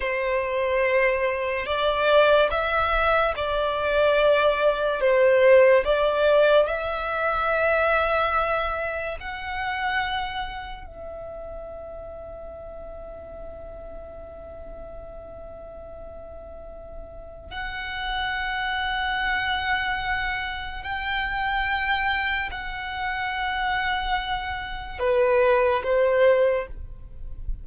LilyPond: \new Staff \with { instrumentName = "violin" } { \time 4/4 \tempo 4 = 72 c''2 d''4 e''4 | d''2 c''4 d''4 | e''2. fis''4~ | fis''4 e''2.~ |
e''1~ | e''4 fis''2.~ | fis''4 g''2 fis''4~ | fis''2 b'4 c''4 | }